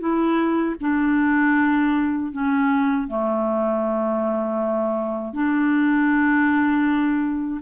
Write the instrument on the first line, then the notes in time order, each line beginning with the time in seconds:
clarinet
0.00 E4
0.81 D4
2.33 C#4
3.08 A3
5.34 D4